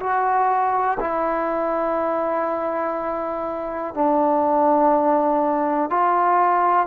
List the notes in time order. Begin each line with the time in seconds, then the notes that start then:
0.00 F#4
1.00 E4
3.95 D4
5.90 F4